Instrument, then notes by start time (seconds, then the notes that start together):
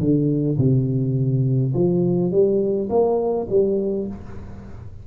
tuba
0.00 D3
0.58 C3
1.74 F3
2.31 G3
2.90 A#3
3.50 G3